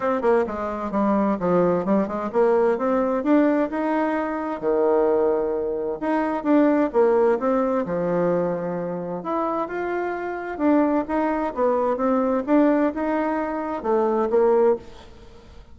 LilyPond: \new Staff \with { instrumentName = "bassoon" } { \time 4/4 \tempo 4 = 130 c'8 ais8 gis4 g4 f4 | g8 gis8 ais4 c'4 d'4 | dis'2 dis2~ | dis4 dis'4 d'4 ais4 |
c'4 f2. | e'4 f'2 d'4 | dis'4 b4 c'4 d'4 | dis'2 a4 ais4 | }